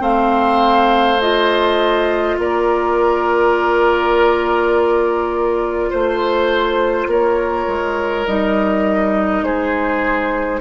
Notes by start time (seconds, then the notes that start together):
0.00 A3 C4 C5 F5
1.21 F4 D#5
2.39 A#3 A#4 D5
5.90 A3 C5
7.07 A#3 A#4 C#5
7.67 G#3
8.27 G3 D#4 D#5
9.43 G#3 G#4 C5